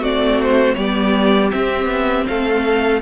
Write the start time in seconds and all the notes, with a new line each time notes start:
0.00 A3 C4 F#4 D5
0.42 C5
0.75 G3 B3 G4 D5
1.52 C4 E5
1.86 B3
2.27 A3 A4 F5